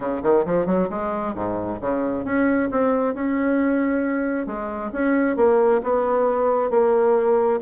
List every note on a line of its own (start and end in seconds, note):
0.00 0.22 C#3
0.23 0.45 D#3
0.45 0.66 F3
0.66 0.88 F#3
0.90 1.34 G#3
1.34 1.79 G#2
1.80 2.24 C#3
2.24 2.69 C#4
2.71 3.14 C4
3.14 4.46 C#4
4.46 4.91 G#3
4.92 5.36 C#4
5.36 5.81 A#3
5.83 6.70 B3
6.70 7.60 A#3